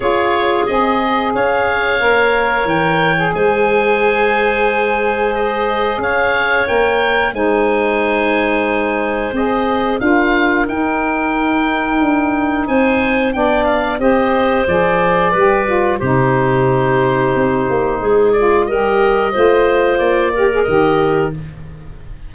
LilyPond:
<<
  \new Staff \with { instrumentName = "oboe" } { \time 4/4 \tempo 4 = 90 cis''4 dis''4 f''2 | g''4 gis''2. | dis''4 f''4 g''4 gis''4~ | gis''2 dis''4 f''4 |
g''2. gis''4 | g''8 f''8 dis''4 d''2 | c''2.~ c''8 d''8 | dis''2 d''4 dis''4 | }
  \new Staff \with { instrumentName = "clarinet" } { \time 4/4 gis'2 cis''2~ | cis''4 c''2.~ | c''4 cis''2 c''4~ | c''2. ais'4~ |
ais'2. c''4 | d''4 c''2 b'4 | g'2. gis'4 | ais'4 c''4. ais'4. | }
  \new Staff \with { instrumentName = "saxophone" } { \time 4/4 f'4 gis'2 ais'4~ | ais'8. gis'2.~ gis'16~ | gis'2 ais'4 dis'4~ | dis'2 gis'4 f'4 |
dis'1 | d'4 g'4 gis'4 g'8 f'8 | dis'2.~ dis'8 f'8 | g'4 f'4. g'16 gis'16 g'4 | }
  \new Staff \with { instrumentName = "tuba" } { \time 4/4 cis'4 c'4 cis'4 ais4 | e4 gis2.~ | gis4 cis'4 ais4 gis4~ | gis2 c'4 d'4 |
dis'2 d'4 c'4 | b4 c'4 f4 g4 | c2 c'8 ais8 gis4 | g4 a4 ais4 dis4 | }
>>